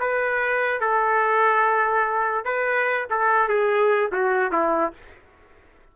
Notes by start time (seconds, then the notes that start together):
0.00 B4
0.81 A4
2.45 B4
3.10 A4
3.49 G#4
4.12 F#4
4.52 E4